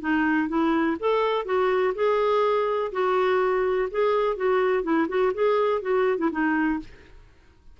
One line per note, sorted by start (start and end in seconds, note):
0.00 0.48 D#4
0.48 0.97 E4
0.99 1.45 A4
1.45 1.93 F#4
1.94 2.91 G#4
2.92 3.89 F#4
3.90 4.36 G#4
4.36 4.83 F#4
4.83 5.07 E4
5.08 5.32 F#4
5.34 5.81 G#4
5.81 6.18 F#4
6.18 6.30 E4
6.31 6.80 D#4